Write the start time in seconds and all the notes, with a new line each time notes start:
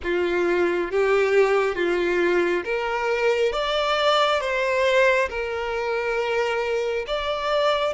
0.03 F4
0.91 G4
1.75 F4
2.64 A#4
3.52 D5
4.40 C5
5.29 A#4
7.07 D5